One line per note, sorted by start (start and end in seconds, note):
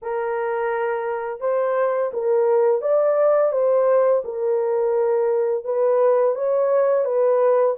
0.02 1.40 A#4
1.40 2.11 C5
2.13 2.81 A#4
2.81 3.51 D5
3.51 4.22 C5
4.24 5.64 A#4
5.64 6.35 B4
6.35 7.05 C#5
7.05 7.75 B4